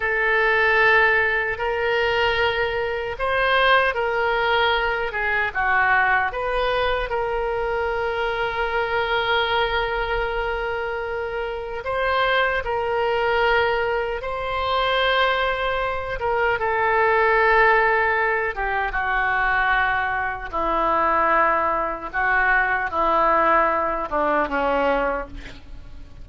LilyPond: \new Staff \with { instrumentName = "oboe" } { \time 4/4 \tempo 4 = 76 a'2 ais'2 | c''4 ais'4. gis'8 fis'4 | b'4 ais'2.~ | ais'2. c''4 |
ais'2 c''2~ | c''8 ais'8 a'2~ a'8 g'8 | fis'2 e'2 | fis'4 e'4. d'8 cis'4 | }